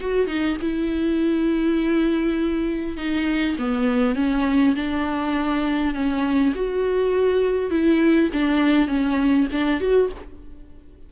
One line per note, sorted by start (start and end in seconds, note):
0.00 0.27 F#4
0.27 0.57 D#4
0.61 2.97 E4
2.97 3.56 D#4
3.58 4.15 B3
4.15 4.75 C#4
4.75 5.94 D4
5.94 6.53 C#4
6.55 7.70 F#4
7.70 8.30 E4
8.33 8.88 D4
8.88 9.47 C#4
9.51 9.80 D4
9.80 10.10 F#4